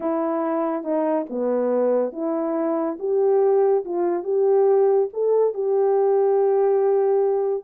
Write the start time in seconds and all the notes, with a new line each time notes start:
0.00 E4
0.83 D#4
1.29 B3
2.12 E4
2.99 G4
3.85 F4
4.23 G4
5.13 A4
5.53 G4